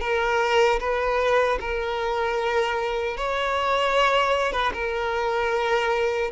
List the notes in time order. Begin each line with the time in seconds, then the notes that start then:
0.00 A#4
0.80 B4
1.60 A#4
3.17 C#5
4.52 B4
4.73 A#4